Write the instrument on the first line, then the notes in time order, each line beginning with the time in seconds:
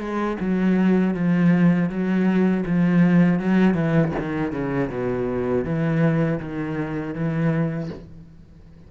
cello
0.00 G#3
0.41 F#3
1.15 F3
1.90 F#3
2.66 F3
3.40 F#3
3.75 E3
4.19 D#3
4.52 C#3
4.90 B2
5.65 E3
6.40 D#3
7.15 E3